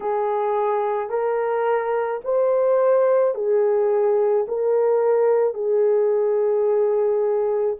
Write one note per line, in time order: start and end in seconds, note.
0.00 1.09 G#4
1.09 2.20 A#4
2.24 3.34 C5
3.34 4.45 G#4
4.47 5.54 A#4
5.54 7.76 G#4